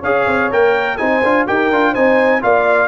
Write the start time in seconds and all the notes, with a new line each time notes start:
0.00 C#4 G#4 C#5 F5
0.27 C4
0.51 A#3 A#4 G5
0.97 C4 D#4 C5 G#5
1.23 D4 F4
1.47 D#4 G4 A#4 G5
1.71 D4 F4
1.92 C4 D#4 C5 G#5
2.41 A#3 F4 D5 F5